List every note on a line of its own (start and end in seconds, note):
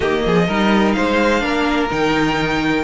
0.00 0.23 D#3
0.00 0.44 A#3
0.00 0.24 G4
0.00 0.92 D#5
0.25 0.48 F3
0.25 0.47 G#4
0.47 0.96 G3
0.47 1.40 D#4
0.47 0.95 A#4
0.92 1.43 C5
0.92 1.87 F5
0.98 1.42 G#3
1.40 1.90 A#3
1.40 1.87 D4
1.40 2.84 A#4
1.90 2.84 D#3
1.90 2.84 D#4
1.90 2.84 G5